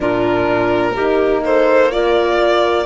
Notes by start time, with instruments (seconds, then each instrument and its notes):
0.00 cello A#2, horn D4, clarinet F4, violin A#4
0.93 cello A#3, horn D#4, clarinet G4
1.44 clarinet A4, violin C5
1.90 horn F4, clarinet A#4, violin D5